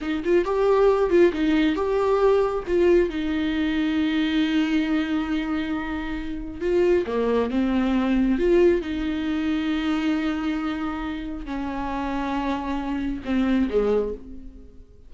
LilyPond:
\new Staff \with { instrumentName = "viola" } { \time 4/4 \tempo 4 = 136 dis'8 f'8 g'4. f'8 dis'4 | g'2 f'4 dis'4~ | dis'1~ | dis'2. f'4 |
ais4 c'2 f'4 | dis'1~ | dis'2 cis'2~ | cis'2 c'4 gis4 | }